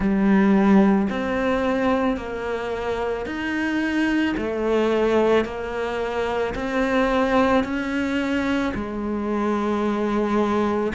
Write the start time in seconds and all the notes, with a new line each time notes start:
0.00 G3
1.09 C4
2.17 A#3
3.26 D#4
4.37 A3
5.44 A#3
6.55 C4
7.64 C#4
8.74 G#3